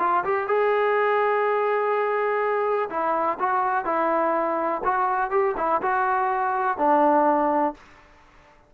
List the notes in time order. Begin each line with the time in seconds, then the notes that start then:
0.00 F4
0.25 G4
0.48 G#4
2.90 E4
3.40 F#4
3.86 E4
4.85 F#4
5.31 G4
5.58 E4
5.82 F#4
6.78 D4